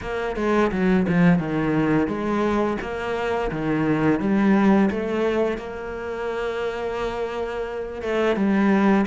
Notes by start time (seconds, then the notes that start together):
0.01 A#3
0.36 G#3
0.71 F#3
1.08 F3
1.38 D#3
2.07 G#3
2.81 A#3
3.51 D#3
4.20 G3
4.90 A3
5.57 A#3
8.02 A3
8.36 G3